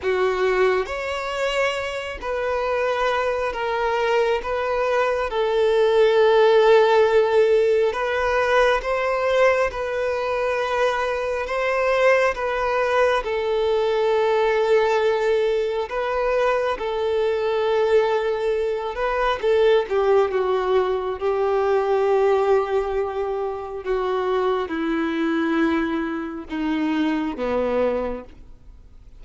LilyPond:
\new Staff \with { instrumentName = "violin" } { \time 4/4 \tempo 4 = 68 fis'4 cis''4. b'4. | ais'4 b'4 a'2~ | a'4 b'4 c''4 b'4~ | b'4 c''4 b'4 a'4~ |
a'2 b'4 a'4~ | a'4. b'8 a'8 g'8 fis'4 | g'2. fis'4 | e'2 dis'4 b4 | }